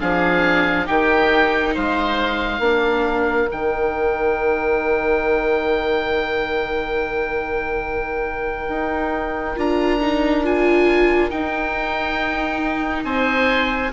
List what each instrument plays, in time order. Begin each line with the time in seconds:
0.00 bassoon F3, viola D4, oboe G#4 F5
0.85 bassoon D#3, viola D#4, oboe G4 G5
1.74 bassoon G#3, oboe C5 F5
2.59 bassoon A#3, viola D4, oboe A#4
3.47 bassoon D#3, viola D#4, oboe G5
8.68 bassoon D#4
9.56 bassoon D4, viola F4, oboe A#5
10.00 viola D#4
10.43 viola F4, oboe G#5
11.29 viola D#4, bassoon D#4, oboe G5
13.04 bassoon C4, oboe C5 G#5